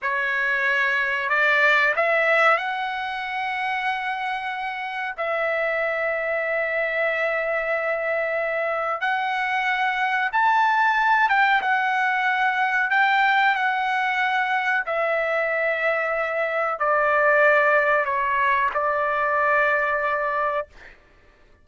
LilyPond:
\new Staff \with { instrumentName = "trumpet" } { \time 4/4 \tempo 4 = 93 cis''2 d''4 e''4 | fis''1 | e''1~ | e''2 fis''2 |
a''4. g''8 fis''2 | g''4 fis''2 e''4~ | e''2 d''2 | cis''4 d''2. | }